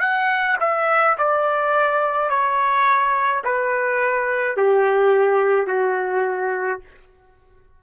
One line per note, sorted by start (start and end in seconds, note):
0.00 0.57 F#5
0.60 1.17 E5
1.18 2.30 D5
2.30 3.43 C#5
3.44 4.56 B4
4.56 5.67 G4
5.67 6.80 F#4